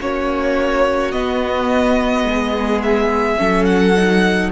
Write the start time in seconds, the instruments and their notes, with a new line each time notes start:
0.00 cello A#3, viola C#4, violin F#4 C#5
1.12 viola B3, cello B3, violin D#5
2.24 cello G#3
2.30 violin G#4
2.83 violin E5
3.38 cello F#3, viola C#4, violin A4
3.65 violin F#5
3.97 viola D#4